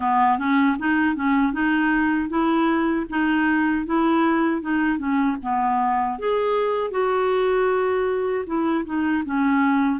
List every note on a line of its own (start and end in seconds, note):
0.00 0.38 B3
0.38 0.77 C#4
0.78 1.15 D#4
1.15 1.52 C#4
1.52 2.29 D#4
2.29 3.06 E4
3.09 3.85 D#4
3.85 4.62 E4
4.62 4.98 D#4
4.98 5.36 C#4
5.42 6.19 B3
6.19 6.90 G#4
6.90 8.44 F#4
8.46 8.85 E4
8.85 9.23 D#4
9.25 10.00 C#4